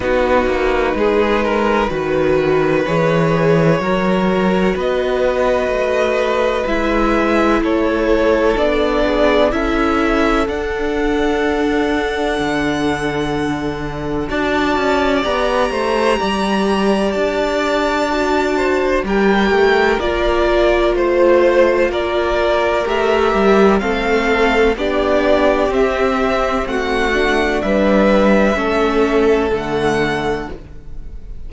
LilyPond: <<
  \new Staff \with { instrumentName = "violin" } { \time 4/4 \tempo 4 = 63 b'2. cis''4~ | cis''4 dis''2 e''4 | cis''4 d''4 e''4 fis''4~ | fis''2. a''4 |
ais''2 a''2 | g''4 d''4 c''4 d''4 | e''4 f''4 d''4 e''4 | fis''4 e''2 fis''4 | }
  \new Staff \with { instrumentName = "violin" } { \time 4/4 fis'4 gis'8 ais'8 b'2 | ais'4 b'2. | a'4. gis'8 a'2~ | a'2. d''4~ |
d''8 c''8 d''2~ d''8 c''8 | ais'2 c''4 ais'4~ | ais'4 a'4 g'2 | fis'4 b'4 a'2 | }
  \new Staff \with { instrumentName = "viola" } { \time 4/4 dis'2 fis'4 gis'4 | fis'2. e'4~ | e'4 d'4 e'4 d'4~ | d'2. fis'4 |
g'2. fis'4 | g'4 f'2. | g'4 c'4 d'4 c'4~ | c'8 d'4. cis'4 a4 | }
  \new Staff \with { instrumentName = "cello" } { \time 4/4 b8 ais8 gis4 dis4 e4 | fis4 b4 a4 gis4 | a4 b4 cis'4 d'4~ | d'4 d2 d'8 cis'8 |
b8 a8 g4 d'2 | g8 a8 ais4 a4 ais4 | a8 g8 a4 b4 c'4 | a4 g4 a4 d4 | }
>>